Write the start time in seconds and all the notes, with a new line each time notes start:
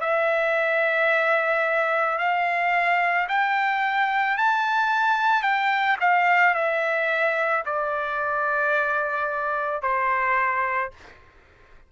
0.00 E5
2.18 F5
3.28 G5
4.37 A5
5.42 G5
6.00 F5
6.54 E5
7.65 D5
9.82 C5